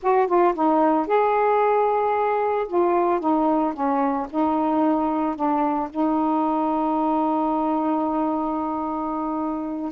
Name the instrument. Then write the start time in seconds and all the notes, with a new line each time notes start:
saxophone
0.02 F#4
0.27 F4
0.54 D#4
1.06 G#4
2.67 F4
3.19 D#4
3.73 C#4
4.30 D#4
5.35 D4
5.90 D#4